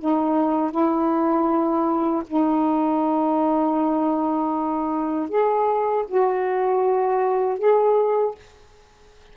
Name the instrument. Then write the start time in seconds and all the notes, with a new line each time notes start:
saxophone
0.00 D#4
0.71 E4
2.28 D#4
5.30 G#4
6.08 F#4
7.59 G#4